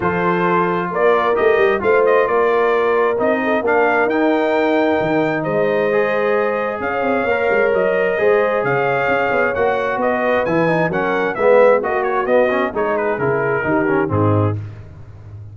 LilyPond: <<
  \new Staff \with { instrumentName = "trumpet" } { \time 4/4 \tempo 4 = 132 c''2 d''4 dis''4 | f''8 dis''8 d''2 dis''4 | f''4 g''2. | dis''2. f''4~ |
f''4 dis''2 f''4~ | f''4 fis''4 dis''4 gis''4 | fis''4 e''4 dis''8 cis''8 dis''4 | cis''8 b'8 ais'2 gis'4 | }
  \new Staff \with { instrumentName = "horn" } { \time 4/4 a'2 ais'2 | c''4 ais'2~ ais'8 a'8 | ais'1 | c''2. cis''4~ |
cis''2 c''4 cis''4~ | cis''2 b'2 | ais'4 b'4 fis'2 | gis'2 g'4 dis'4 | }
  \new Staff \with { instrumentName = "trombone" } { \time 4/4 f'2. g'4 | f'2. dis'4 | d'4 dis'2.~ | dis'4 gis'2. |
ais'2 gis'2~ | gis'4 fis'2 e'8 dis'8 | cis'4 b4 fis'4 b8 cis'8 | dis'4 e'4 dis'8 cis'8 c'4 | }
  \new Staff \with { instrumentName = "tuba" } { \time 4/4 f2 ais4 a8 g8 | a4 ais2 c'4 | ais4 dis'2 dis4 | gis2. cis'8 c'8 |
ais8 gis8 fis4 gis4 cis4 | cis'8 b8 ais4 b4 e4 | fis4 gis4 ais4 b4 | gis4 cis4 dis4 gis,4 | }
>>